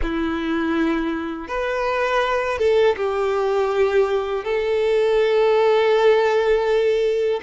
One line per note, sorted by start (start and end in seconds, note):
0.02 1.48 E4
1.48 2.58 B4
2.58 2.95 A4
2.96 4.44 G4
4.44 7.40 A4